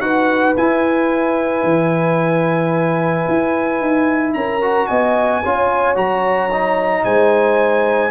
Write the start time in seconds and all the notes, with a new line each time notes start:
0.00 D#4 F#4 B4 F#5
0.56 E4 G#5
1.63 E3
3.28 E4
3.80 D#4
4.33 C#4 A#4 A#5
4.61 F#4
4.86 B3 D#5 G#5
5.43 C#4 F4 C#5
5.95 F#3 F#4 A#5
6.52 D#4
7.04 G#3 C5 G#5